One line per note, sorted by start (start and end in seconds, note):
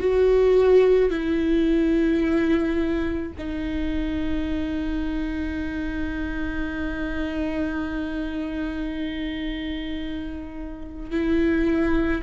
0.00 1.10 F#4
1.10 3.32 E4
3.38 11.11 D#4
11.11 12.22 E4